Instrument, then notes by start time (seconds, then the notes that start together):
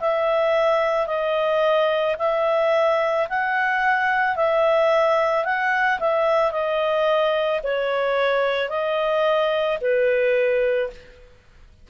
clarinet
0.00 E5
1.07 D#5
2.19 E5
3.29 F#5
4.36 E5
5.45 F#5
6.00 E5
6.52 D#5
7.64 C#5
8.69 D#5
9.81 B4